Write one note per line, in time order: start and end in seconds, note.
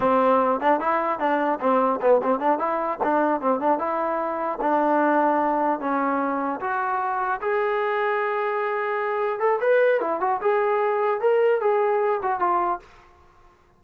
0.00 0.60 C4
0.60 0.79 D4
0.79 1.19 E4
1.19 1.59 D4
1.60 2.00 C4
2.01 2.21 B3
2.23 2.39 C4
2.39 2.59 D4
2.59 2.99 E4
3.03 3.41 D4
3.41 3.60 C4
3.60 3.78 D4
3.78 4.58 E4
4.61 5.80 D4
5.80 6.60 C#4
6.60 7.40 F#4
7.41 9.39 G#4
9.39 9.59 A4
9.60 10.00 B4
10.00 10.20 E4
10.20 10.40 F#4
10.41 11.20 G#4
11.20 11.60 A#4
11.60 12.20 G#4
12.22 12.39 F#4
12.39 12.79 F4